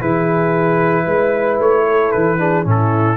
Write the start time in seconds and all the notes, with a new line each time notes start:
0.00 E3 E4 G#4 B4
1.04 G#3 B4
1.59 A3 C#5
1.86 A4
2.11 E3 B4
2.38 D4 G#4
2.64 A2 C#4 E4
2.70 A4